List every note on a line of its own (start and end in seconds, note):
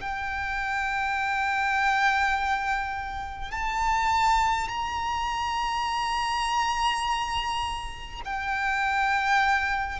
0.00 3.51 G5
3.51 4.68 A5
4.68 8.21 A#5
8.25 9.99 G5